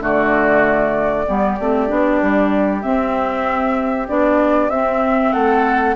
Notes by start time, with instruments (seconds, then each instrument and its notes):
0.00 bassoon D3, clarinet A3, oboe F#4, flute D5
1.26 bassoon G3, clarinet B3, oboe G4
1.60 bassoon A3, clarinet C4
1.88 bassoon B3, clarinet D4
2.22 bassoon G3
2.82 clarinet C4, bassoon C4, flute E5
4.08 bassoon B3, clarinet D4, flute D5
4.69 bassoon C4, clarinet C4, flute E5
5.32 bassoon A3, oboe A4, flute F#5